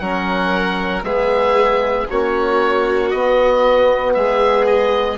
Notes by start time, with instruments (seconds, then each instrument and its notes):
0.00 bassoon F#3, trombone C#4, violin A#4, oboe F#5
1.03 bassoon G#3, trombone B3, violin G#4, oboe E5
2.10 bassoon A#3, trombone C#4, violin F#4, oboe C#5
3.11 bassoon B3, trombone B3, oboe D#5
4.14 bassoon G#3, violin G#4, oboe E5
4.67 oboe D#5